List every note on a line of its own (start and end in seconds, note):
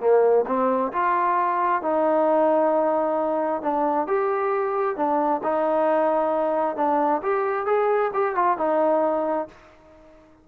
0.00 0.45 A#3
0.47 0.92 C4
0.92 1.82 F4
1.82 3.62 D#4
3.62 4.07 D4
4.07 4.96 G4
4.96 5.41 D4
5.43 6.76 D#4
6.76 7.22 D4
7.22 7.66 G4
7.66 8.11 G#4
8.14 8.35 G4
8.35 8.58 F4
8.58 9.48 D#4